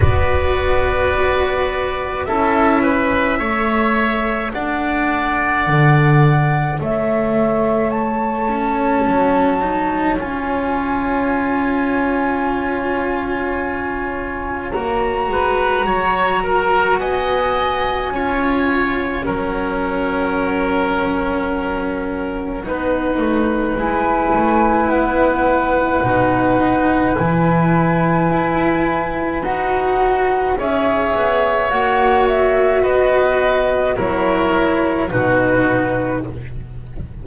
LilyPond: <<
  \new Staff \with { instrumentName = "flute" } { \time 4/4 \tempo 4 = 53 d''2 e''2 | fis''2 e''4 a''4~ | a''4 gis''2.~ | gis''4 ais''2 gis''4~ |
gis''8 fis''2.~ fis''8~ | fis''4 gis''4 fis''2 | gis''2 fis''4 e''4 | fis''8 e''8 dis''4 cis''4 b'4 | }
  \new Staff \with { instrumentName = "oboe" } { \time 4/4 b'2 a'8 b'8 cis''4 | d''2 cis''2~ | cis''1~ | cis''4. b'8 cis''8 ais'8 dis''4 |
cis''4 ais'2. | b'1~ | b'2. cis''4~ | cis''4 b'4 ais'4 fis'4 | }
  \new Staff \with { instrumentName = "cello" } { \time 4/4 fis'2 e'4 a'4~ | a'2.~ a'8 cis'8~ | cis'8 dis'8 f'2.~ | f'4 fis'2. |
f'4 cis'2. | dis'4 e'2 dis'4 | e'2 fis'4 gis'4 | fis'2 e'4 dis'4 | }
  \new Staff \with { instrumentName = "double bass" } { \time 4/4 b2 cis'4 a4 | d'4 d4 a2 | fis4 cis'2.~ | cis'4 ais8 gis8 fis4 b4 |
cis'4 fis2. | b8 a8 gis8 a8 b4 b,4 | e4 e'4 dis'4 cis'8 b8 | ais4 b4 fis4 b,4 | }
>>